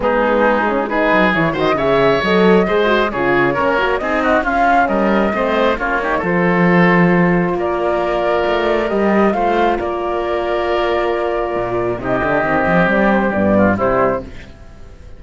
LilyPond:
<<
  \new Staff \with { instrumentName = "flute" } { \time 4/4 \tempo 4 = 135 gis'2 b'4 cis''8 dis''8 | e''4 dis''2 cis''4~ | cis''4 dis''4 f''4 dis''4~ | dis''4 cis''4 c''2~ |
c''4 d''2. | dis''4 f''4 d''2~ | d''2. dis''4~ | dis''4 d''8 c''8 d''4 c''4 | }
  \new Staff \with { instrumentName = "oboe" } { \time 4/4 dis'2 gis'4. c''8 | cis''2 c''4 gis'4 | ais'4 gis'8 fis'8 f'4 ais'4 | c''4 f'8 g'8 a'2~ |
a'4 ais'2.~ | ais'4 c''4 ais'2~ | ais'2. g'4~ | g'2~ g'8 f'8 e'4 | }
  \new Staff \with { instrumentName = "horn" } { \time 4/4 b4. cis'8 dis'4 e'8 fis'8 | gis'4 a'4 gis'8 fis'8 f'4 | cis'8 fis'8 dis'4 cis'2 | c'4 cis'8 dis'8 f'2~ |
f'1 | g'4 f'2.~ | f'2. dis'8 d'8 | c'2 b4 g4 | }
  \new Staff \with { instrumentName = "cello" } { \time 4/4 gis2~ gis8 fis8 e8 dis8 | cis4 fis4 gis4 cis4 | ais4 c'4 cis'4 g4 | a4 ais4 f2~ |
f4 ais2 a4 | g4 a4 ais2~ | ais2 ais,4 c8 d8 | dis8 f8 g4 g,4 c4 | }
>>